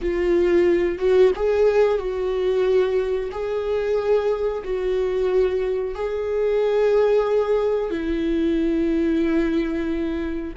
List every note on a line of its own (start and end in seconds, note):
0.01 0.98 F4
0.98 1.31 F#4
1.35 1.98 G#4
1.98 3.30 F#4
3.31 4.63 G#4
4.64 5.94 F#4
5.94 7.90 G#4
7.90 10.54 E4